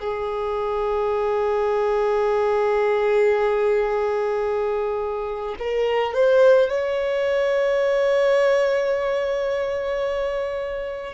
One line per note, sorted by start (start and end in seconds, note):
0.00 5.56 G#4
5.59 6.15 A#4
6.15 6.69 C5
6.69 11.14 C#5